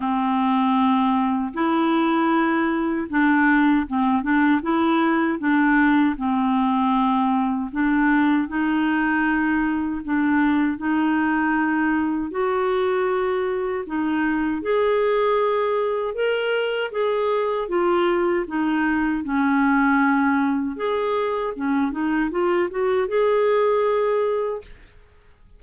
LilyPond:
\new Staff \with { instrumentName = "clarinet" } { \time 4/4 \tempo 4 = 78 c'2 e'2 | d'4 c'8 d'8 e'4 d'4 | c'2 d'4 dis'4~ | dis'4 d'4 dis'2 |
fis'2 dis'4 gis'4~ | gis'4 ais'4 gis'4 f'4 | dis'4 cis'2 gis'4 | cis'8 dis'8 f'8 fis'8 gis'2 | }